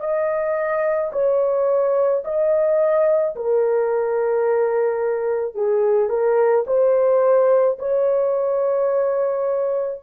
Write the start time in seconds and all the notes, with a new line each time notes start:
0.00 D#5
1.13 C#5
2.24 D#5
3.36 A#4
5.55 G#4
6.10 A#4
6.67 C5
7.79 C#5